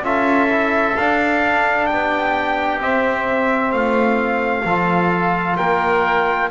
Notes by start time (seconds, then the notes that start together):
0.00 C#4 F4 A4 E5
0.49 E4
0.96 D4 F5
1.86 B3 G4 G5
2.80 C4 E5
3.71 A3 F4 F5
4.64 F3 F4 A4
5.56 A#3 A#4 G5